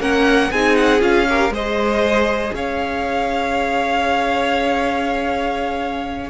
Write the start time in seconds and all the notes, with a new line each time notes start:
0.00 A#3 C#4 A#4 F#5
0.51 C4 D#4 G#4 G#5
0.76 F#5
1.00 C#4 F4 F5
1.28 G4 A#4
1.50 G#3 G#4 C5 D#5
2.54 C#4 C#5 F5